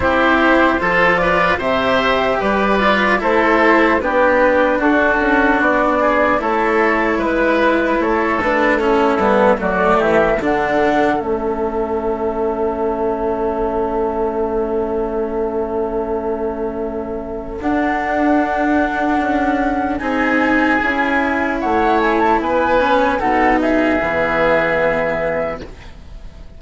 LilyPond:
<<
  \new Staff \with { instrumentName = "flute" } { \time 4/4 \tempo 4 = 75 c''4. d''8 e''4 d''4 | c''4 b'4 a'4 d''4 | cis''4 b'4 cis''8 b'8 a'4 | d''8 e''8 fis''4 e''2~ |
e''1~ | e''2 fis''2~ | fis''4 gis''2 fis''8 gis''16 a''16 | gis''4 fis''8 e''2~ e''8 | }
  \new Staff \with { instrumentName = "oboe" } { \time 4/4 g'4 a'8 b'8 c''4 b'4 | a'4 g'4 fis'4. gis'8 | a'4 b'4 a'4 e'4 | fis'8 g'8 a'2.~ |
a'1~ | a'1~ | a'4 gis'2 cis''4 | b'4 a'8 gis'2~ gis'8 | }
  \new Staff \with { instrumentName = "cello" } { \time 4/4 e'4 f'4 g'4. f'8 | e'4 d'2. | e'2~ e'8 d'8 cis'8 b8 | a4 d'4 cis'2~ |
cis'1~ | cis'2 d'2~ | d'4 dis'4 e'2~ | e'8 cis'8 dis'4 b2 | }
  \new Staff \with { instrumentName = "bassoon" } { \time 4/4 c'4 f4 c4 g4 | a4 b4 d'8 cis'8 b4 | a4 gis4 a4. g8 | fis8 e8 d4 a2~ |
a1~ | a2 d'2 | cis'4 c'4 cis'4 a4 | b4 b,4 e2 | }
>>